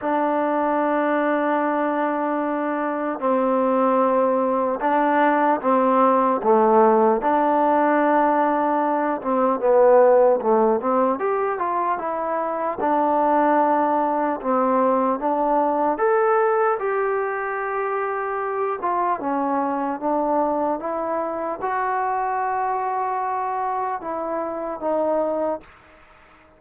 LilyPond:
\new Staff \with { instrumentName = "trombone" } { \time 4/4 \tempo 4 = 75 d'1 | c'2 d'4 c'4 | a4 d'2~ d'8 c'8 | b4 a8 c'8 g'8 f'8 e'4 |
d'2 c'4 d'4 | a'4 g'2~ g'8 f'8 | cis'4 d'4 e'4 fis'4~ | fis'2 e'4 dis'4 | }